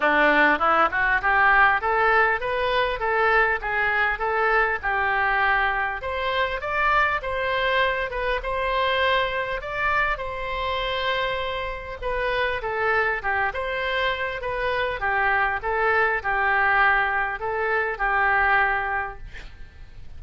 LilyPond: \new Staff \with { instrumentName = "oboe" } { \time 4/4 \tempo 4 = 100 d'4 e'8 fis'8 g'4 a'4 | b'4 a'4 gis'4 a'4 | g'2 c''4 d''4 | c''4. b'8 c''2 |
d''4 c''2. | b'4 a'4 g'8 c''4. | b'4 g'4 a'4 g'4~ | g'4 a'4 g'2 | }